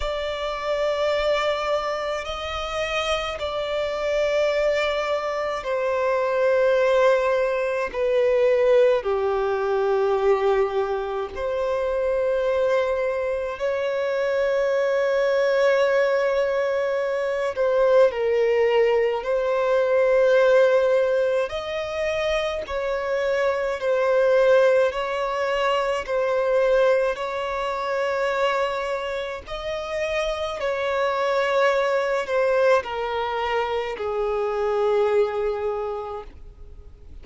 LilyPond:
\new Staff \with { instrumentName = "violin" } { \time 4/4 \tempo 4 = 53 d''2 dis''4 d''4~ | d''4 c''2 b'4 | g'2 c''2 | cis''2.~ cis''8 c''8 |
ais'4 c''2 dis''4 | cis''4 c''4 cis''4 c''4 | cis''2 dis''4 cis''4~ | cis''8 c''8 ais'4 gis'2 | }